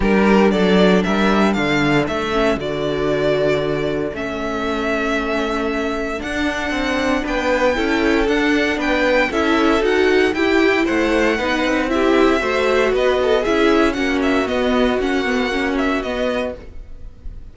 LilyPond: <<
  \new Staff \with { instrumentName = "violin" } { \time 4/4 \tempo 4 = 116 ais'4 d''4 e''4 f''4 | e''4 d''2. | e''1 | fis''2 g''2 |
fis''4 g''4 e''4 fis''4 | g''4 fis''2 e''4~ | e''4 dis''4 e''4 fis''8 e''8 | dis''4 fis''4. e''8 dis''4 | }
  \new Staff \with { instrumentName = "violin" } { \time 4/4 g'4 a'4 ais'4 a'4~ | a'1~ | a'1~ | a'2 b'4 a'4~ |
a'4 b'4 a'2 | g'4 c''4 b'4 g'4 | c''4 b'8 a'8 gis'4 fis'4~ | fis'1 | }
  \new Staff \with { instrumentName = "viola" } { \time 4/4 d'1~ | d'8 cis'8 fis'2. | cis'1 | d'2. e'4 |
d'2 e'4 fis'4 | e'2 dis'4 e'4 | fis'2 e'4 cis'4 | b4 cis'8 b8 cis'4 b4 | }
  \new Staff \with { instrumentName = "cello" } { \time 4/4 g4 fis4 g4 d4 | a4 d2. | a1 | d'4 c'4 b4 cis'4 |
d'4 b4 cis'4 dis'4 | e'4 a4 b8 c'4. | a4 b4 cis'4 ais4 | b4 ais2 b4 | }
>>